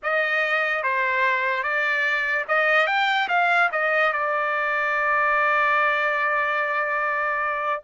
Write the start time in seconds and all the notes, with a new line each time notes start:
0.03 D#5
0.83 C5
1.63 D5
2.48 D#5
2.87 G5
3.28 F5
3.72 D#5
4.12 D5